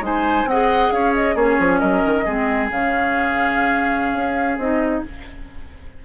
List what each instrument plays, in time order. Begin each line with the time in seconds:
0.00 bassoon G#3, clarinet D#4, oboe C5, flute G#5
0.45 bassoon C4, oboe D#5, flute F#5
0.51 clarinet G#4
0.91 bassoon C#4, oboe C#5, flute F5
1.15 flute D#5
1.35 bassoon A#3, clarinet C#4, oboe G#4, flute C#5
1.59 bassoon F3
1.79 bassoon F#3, oboe A#4, flute D#5
2.05 bassoon D#3
2.25 bassoon G#3, clarinet C4, oboe G#4
2.70 bassoon C#3, clarinet C#4, flute F5
4.13 bassoon C#4
4.58 bassoon C4, clarinet D#4, flute D#5